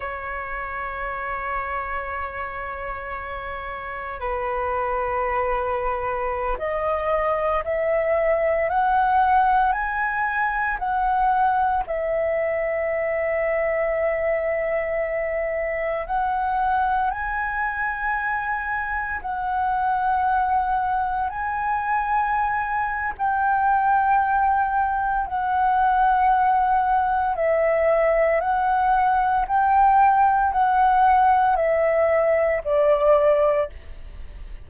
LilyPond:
\new Staff \with { instrumentName = "flute" } { \time 4/4 \tempo 4 = 57 cis''1 | b'2~ b'16 dis''4 e''8.~ | e''16 fis''4 gis''4 fis''4 e''8.~ | e''2.~ e''16 fis''8.~ |
fis''16 gis''2 fis''4.~ fis''16~ | fis''16 gis''4.~ gis''16 g''2 | fis''2 e''4 fis''4 | g''4 fis''4 e''4 d''4 | }